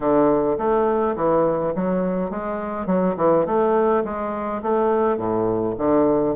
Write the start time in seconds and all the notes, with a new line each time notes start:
0.00 D3
0.58 A3
1.15 E3
1.75 F#3
2.30 G#3
2.86 F#3
3.17 E3
3.46 A3
4.04 G#3
4.62 A3
5.17 A2
5.78 D3